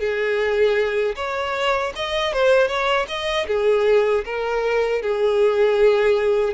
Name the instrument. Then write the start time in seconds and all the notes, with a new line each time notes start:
violin
0.00 G#4
1.16 C#5
1.96 D#5
2.33 C5
2.68 C#5
3.08 D#5
3.48 G#4
4.25 A#4
5.02 G#4